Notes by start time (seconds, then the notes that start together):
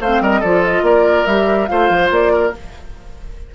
0.00 A3 C4 C5 F5
0.21 G3 A#4 D#5
0.40 F3 F4 A4 D5
0.64 D#5
0.82 A#3 A#4 D5
1.26 G3 G4 E5
1.67 A3 F4 C5 F5
1.90 F3
2.10 A#3 D5
2.33 A#4